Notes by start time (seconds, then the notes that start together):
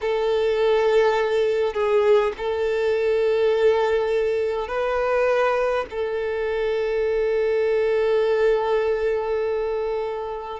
0.01 A4
1.73 G#4
2.37 A4
4.67 B4
5.90 A4